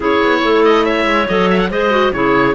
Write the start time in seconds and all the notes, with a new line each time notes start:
0.00 C#4 E4 G#4 C#5
0.23 B3
0.43 A3 A4
0.64 D#5
0.85 C#5 E5
1.05 G#3
1.28 F#3 A4 D#5
1.49 E5
1.58 F#5
1.69 G#3 G#4 C5 D#5
1.90 F#4
2.12 C#3 E4 G#4 C#5